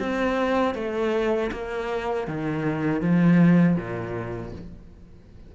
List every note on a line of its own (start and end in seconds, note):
0.00 0.75 C4
0.75 1.51 A3
1.52 2.28 A#3
2.28 3.02 D#3
3.02 3.77 F3
3.77 4.53 A#2